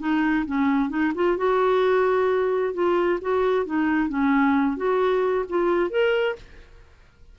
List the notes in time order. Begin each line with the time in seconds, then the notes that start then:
0.00 D#4
0.46 C#4
0.90 D#4
1.15 F4
1.37 F#4
2.74 F4
3.21 F#4
3.66 D#4
4.09 C#4
4.77 F#4
5.50 F4
5.90 A#4